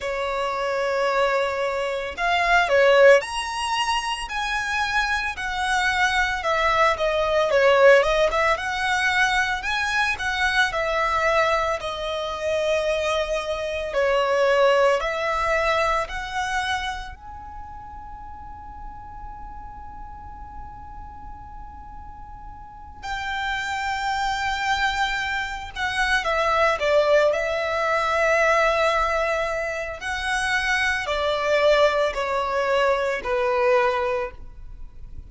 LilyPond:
\new Staff \with { instrumentName = "violin" } { \time 4/4 \tempo 4 = 56 cis''2 f''8 cis''8 ais''4 | gis''4 fis''4 e''8 dis''8 cis''8 dis''16 e''16 | fis''4 gis''8 fis''8 e''4 dis''4~ | dis''4 cis''4 e''4 fis''4 |
gis''1~ | gis''4. g''2~ g''8 | fis''8 e''8 d''8 e''2~ e''8 | fis''4 d''4 cis''4 b'4 | }